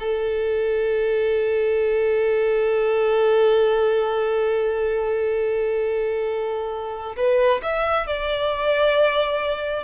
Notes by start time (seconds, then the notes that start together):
0.00 A4
7.17 B4
7.63 E5
8.07 D5